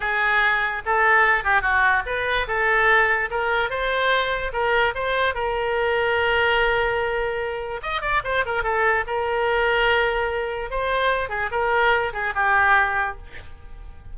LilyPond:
\new Staff \with { instrumentName = "oboe" } { \time 4/4 \tempo 4 = 146 gis'2 a'4. g'8 | fis'4 b'4 a'2 | ais'4 c''2 ais'4 | c''4 ais'2.~ |
ais'2. dis''8 d''8 | c''8 ais'8 a'4 ais'2~ | ais'2 c''4. gis'8 | ais'4. gis'8 g'2 | }